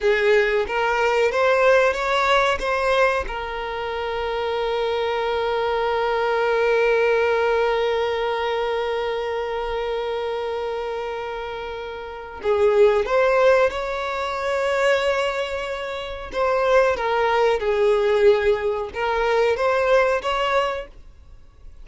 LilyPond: \new Staff \with { instrumentName = "violin" } { \time 4/4 \tempo 4 = 92 gis'4 ais'4 c''4 cis''4 | c''4 ais'2.~ | ais'1~ | ais'1~ |
ais'2. gis'4 | c''4 cis''2.~ | cis''4 c''4 ais'4 gis'4~ | gis'4 ais'4 c''4 cis''4 | }